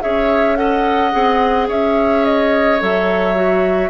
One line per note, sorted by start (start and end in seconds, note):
0.00 1.14 C#4
0.00 0.56 G#4
0.00 0.58 C#5
0.00 0.56 E5
0.56 1.11 A4
0.56 1.68 D#5
0.56 1.67 F#5
1.12 1.69 C4
1.12 2.78 G#4
1.68 2.80 C#4
1.68 3.89 C#5
1.68 2.25 E5
2.25 2.81 D#5
2.80 3.89 F#3
2.80 3.35 A4
2.80 3.89 E5
3.35 3.89 F#4